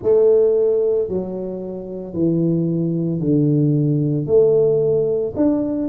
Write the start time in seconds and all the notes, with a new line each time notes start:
0.02 A3
1.08 F#3
2.13 E3
3.19 D3
4.26 A3
5.36 D4